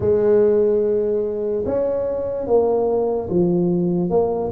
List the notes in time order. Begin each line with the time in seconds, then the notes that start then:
0.00 G#3
1.65 C#4
2.46 A#3
3.29 F3
4.09 A#3